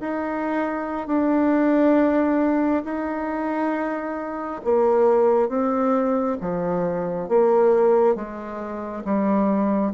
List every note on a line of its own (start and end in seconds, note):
0.00 1.07 D#4
1.07 2.84 D4
2.84 4.61 D#4
4.64 5.49 A#3
5.49 6.37 C4
6.41 7.29 F3
7.29 8.15 A#3
8.15 9.04 G#3
9.04 9.93 G3